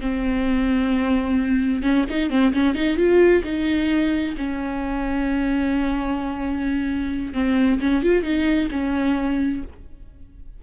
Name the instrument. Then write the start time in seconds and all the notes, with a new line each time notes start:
viola
0.00 C4
1.82 C#4
2.09 D#4
2.30 C4
2.53 C#4
2.75 D#4
2.97 F4
3.44 D#4
4.37 C#4
7.33 C4
7.80 C#4
8.03 F4
8.23 D#4
8.71 C#4